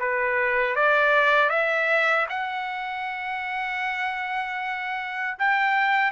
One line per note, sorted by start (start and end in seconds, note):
0.00 0.76 B4
0.76 1.50 D5
1.50 2.27 E5
2.30 5.37 F#5
5.40 6.12 G5